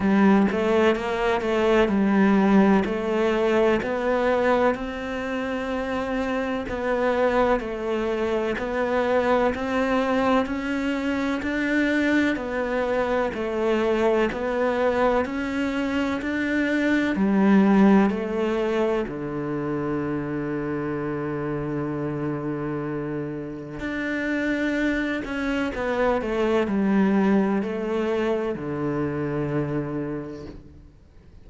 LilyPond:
\new Staff \with { instrumentName = "cello" } { \time 4/4 \tempo 4 = 63 g8 a8 ais8 a8 g4 a4 | b4 c'2 b4 | a4 b4 c'4 cis'4 | d'4 b4 a4 b4 |
cis'4 d'4 g4 a4 | d1~ | d4 d'4. cis'8 b8 a8 | g4 a4 d2 | }